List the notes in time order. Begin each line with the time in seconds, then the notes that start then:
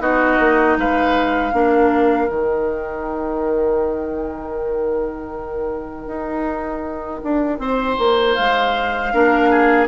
0.00 B3 D#4 F#4 D#5
0.40 A#3
0.77 G#3 B4 F5
1.53 A#3 D4 A#4
2.28 D#3 D#4 G5
6.07 D#4
7.24 D4
7.59 C4 C5
7.99 A#3
8.34 G#3 F5
9.13 A#3 D4 A#4
9.50 G#4